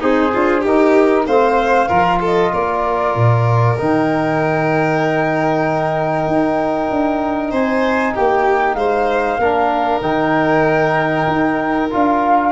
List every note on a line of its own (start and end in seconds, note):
0.00 0.34 C4
0.00 0.31 D#4
0.00 0.63 G#4
0.00 0.64 C5
0.33 0.65 D4
0.33 0.60 F4
0.60 1.27 D#4
0.60 1.28 D#4
0.60 1.23 G4
0.60 1.27 A#4
1.26 1.89 A3
1.26 1.89 C4
1.26 1.88 C5
1.26 2.20 F5
1.88 2.52 F3
1.88 3.76 F4
1.88 2.19 A#4
2.21 2.52 A4
2.21 2.54 D#5
2.53 3.15 A#3
2.53 7.51 A#4
2.53 3.78 D5
3.15 3.78 A#2
3.77 6.27 D#3
3.77 9.40 D#4
3.77 7.51 G5
6.27 6.89 D#4
6.90 7.52 D4
7.51 8.14 C4
7.51 8.13 C5
7.51 8.14 G#5
8.14 8.74 A#3
8.14 8.76 G4
8.14 8.74 G5
8.74 9.37 G#3
8.74 9.39 C5
8.74 9.99 F5
9.38 10.01 A#3
9.38 10.02 D4
9.38 12.51 A#4
10.01 11.26 D#3
10.01 11.89 D#4
10.01 11.89 G5
11.27 11.89 D#4
11.90 12.51 D4
11.90 12.51 F4
11.90 12.51 F5